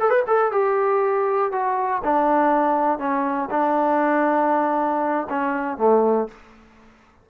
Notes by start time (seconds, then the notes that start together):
0.00 A4
0.10 B4
0.27 A4
0.52 G4
1.52 F#4
2.04 D4
2.99 C#4
3.51 D4
5.30 C#4
5.77 A3